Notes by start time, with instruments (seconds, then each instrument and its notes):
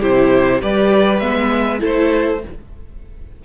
0.00 cello C3, viola E4, violin G4 C5
0.61 cello G3, viola G4, violin B4 D5
1.20 cello G#3, viola B3, violin E5
1.80 cello A3, viola E4, violin A4 C5